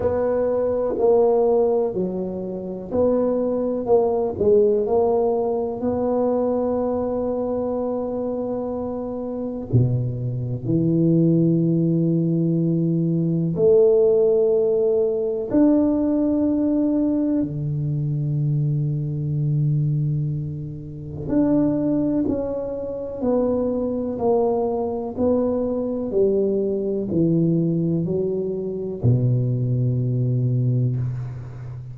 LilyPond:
\new Staff \with { instrumentName = "tuba" } { \time 4/4 \tempo 4 = 62 b4 ais4 fis4 b4 | ais8 gis8 ais4 b2~ | b2 b,4 e4~ | e2 a2 |
d'2 d2~ | d2 d'4 cis'4 | b4 ais4 b4 g4 | e4 fis4 b,2 | }